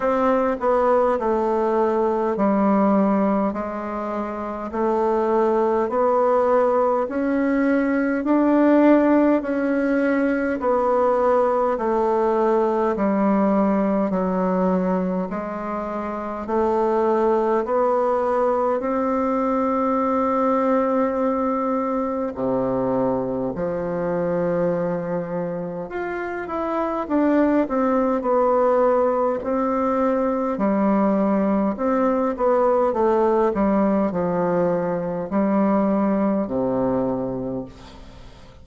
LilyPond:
\new Staff \with { instrumentName = "bassoon" } { \time 4/4 \tempo 4 = 51 c'8 b8 a4 g4 gis4 | a4 b4 cis'4 d'4 | cis'4 b4 a4 g4 | fis4 gis4 a4 b4 |
c'2. c4 | f2 f'8 e'8 d'8 c'8 | b4 c'4 g4 c'8 b8 | a8 g8 f4 g4 c4 | }